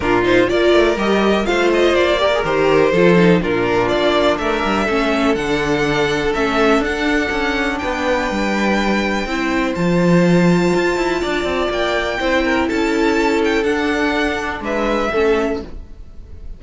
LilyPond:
<<
  \new Staff \with { instrumentName = "violin" } { \time 4/4 \tempo 4 = 123 ais'8 c''8 d''4 dis''4 f''8 dis''8 | d''4 c''2 ais'4 | d''4 e''2 fis''4~ | fis''4 e''4 fis''2 |
g''1 | a''1 | g''2 a''4. g''8 | fis''2 e''2 | }
  \new Staff \with { instrumentName = "violin" } { \time 4/4 f'4 ais'2 c''4~ | c''8 ais'4. a'4 f'4~ | f'4 ais'4 a'2~ | a'1 |
b'2. c''4~ | c''2. d''4~ | d''4 c''8 ais'8 a'2~ | a'2 b'4 a'4 | }
  \new Staff \with { instrumentName = "viola" } { \time 4/4 d'8 dis'8 f'4 g'4 f'4~ | f'8 g'16 gis'16 g'4 f'8 dis'8 d'4~ | d'2 cis'4 d'4~ | d'4 cis'4 d'2~ |
d'2. e'4 | f'1~ | f'4 e'2. | d'2. cis'4 | }
  \new Staff \with { instrumentName = "cello" } { \time 4/4 ais,4 ais8 a8 g4 a4 | ais4 dis4 f4 ais,4 | ais4 a8 g8 a4 d4~ | d4 a4 d'4 cis'4 |
b4 g2 c'4 | f2 f'8 e'8 d'8 c'8 | ais4 c'4 cis'2 | d'2 gis4 a4 | }
>>